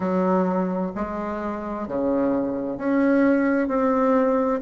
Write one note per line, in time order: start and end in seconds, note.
0.00 0.91 F#3
0.95 1.87 G#3
1.87 2.77 C#3
2.77 3.68 C#4
3.68 4.60 C4